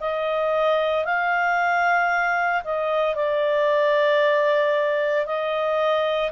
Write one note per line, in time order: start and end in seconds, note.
0.00 1.05 D#5
1.05 2.63 F5
2.64 3.15 D#5
3.15 5.26 D5
5.26 6.31 D#5